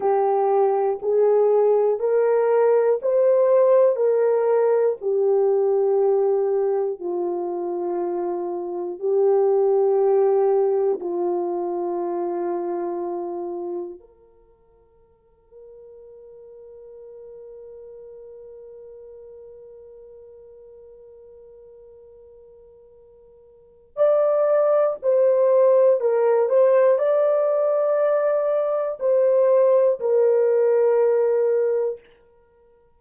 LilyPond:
\new Staff \with { instrumentName = "horn" } { \time 4/4 \tempo 4 = 60 g'4 gis'4 ais'4 c''4 | ais'4 g'2 f'4~ | f'4 g'2 f'4~ | f'2 ais'2~ |
ais'1~ | ais'1 | d''4 c''4 ais'8 c''8 d''4~ | d''4 c''4 ais'2 | }